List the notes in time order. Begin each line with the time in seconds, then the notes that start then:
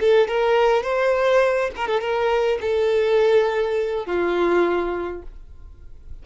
0.00 A4
0.28 A#4
0.83 C5
1.76 A#4
1.87 A4
2.00 A#4
2.61 A4
4.06 F4